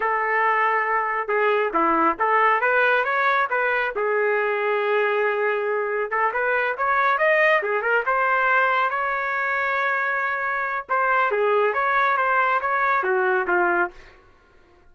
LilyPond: \new Staff \with { instrumentName = "trumpet" } { \time 4/4 \tempo 4 = 138 a'2. gis'4 | e'4 a'4 b'4 cis''4 | b'4 gis'2.~ | gis'2 a'8 b'4 cis''8~ |
cis''8 dis''4 gis'8 ais'8 c''4.~ | c''8 cis''2.~ cis''8~ | cis''4 c''4 gis'4 cis''4 | c''4 cis''4 fis'4 f'4 | }